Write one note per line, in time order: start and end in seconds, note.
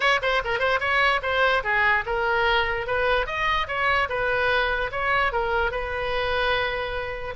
0.00 0.20 C#5
0.22 0.42 C5
0.44 0.59 A#4
0.59 0.79 C5
0.80 1.20 C#5
1.22 1.63 C5
1.63 2.04 G#4
2.06 2.86 A#4
2.86 3.26 B4
3.26 3.67 D#5
3.67 4.08 C#5
4.09 4.91 B4
4.91 5.32 C#5
5.32 5.71 A#4
5.71 7.34 B4